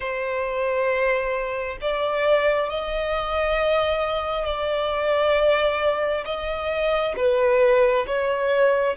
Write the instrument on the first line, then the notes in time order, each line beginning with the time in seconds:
violin
0.00 C5
1.81 D5
2.69 D#5
4.45 D5
6.25 D#5
7.16 B4
8.06 C#5